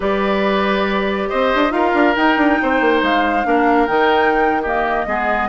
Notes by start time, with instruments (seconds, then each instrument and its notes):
0.00 bassoon G3, clarinet G4, oboe B4, flute D5
1.29 bassoon C4, oboe C5, flute D#5
1.54 bassoon D4
1.70 bassoon D#4, clarinet F4, oboe A#4, flute F5
1.93 bassoon D4
2.16 clarinet D#4, bassoon D#4, flute G5
2.36 bassoon D4
2.62 bassoon C4, oboe C5
2.80 bassoon A#3
3.02 bassoon G#3, flute F5
3.44 bassoon A#3, clarinet D4, oboe A#4
3.86 bassoon D#3, clarinet D#4, flute G5
4.62 clarinet A#3, oboe G4, flute D#5
5.06 bassoon G#3, clarinet B3, oboe G#4